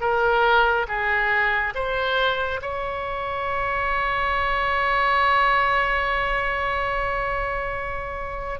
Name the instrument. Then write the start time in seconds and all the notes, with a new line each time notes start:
oboe
0.00 A#4
0.87 G#4
1.75 C5
2.61 C#5